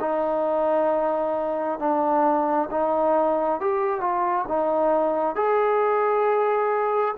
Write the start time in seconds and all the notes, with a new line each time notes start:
0.00 D#4
1.79 D4
2.71 D#4
3.60 G4
4.00 F4
4.48 D#4
5.36 G#4